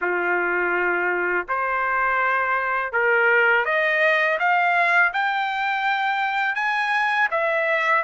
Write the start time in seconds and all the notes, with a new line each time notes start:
0.01 F4
1.48 C5
2.92 A#4
3.65 D#5
4.39 F5
5.13 G5
6.55 G#5
7.30 E5